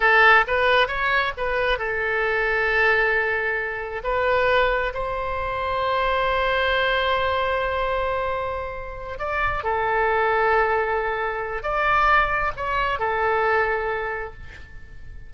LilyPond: \new Staff \with { instrumentName = "oboe" } { \time 4/4 \tempo 4 = 134 a'4 b'4 cis''4 b'4 | a'1~ | a'4 b'2 c''4~ | c''1~ |
c''1~ | c''8 d''4 a'2~ a'8~ | a'2 d''2 | cis''4 a'2. | }